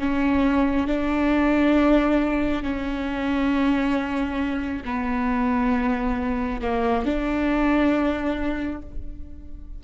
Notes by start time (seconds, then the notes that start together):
0.00 C#4
0.87 D4
2.63 C#4
4.85 B3
6.62 A#3
7.05 D4